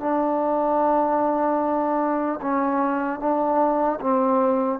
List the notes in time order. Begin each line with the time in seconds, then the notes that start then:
0.00 D4
2.42 C#4
3.20 D4
4.01 C4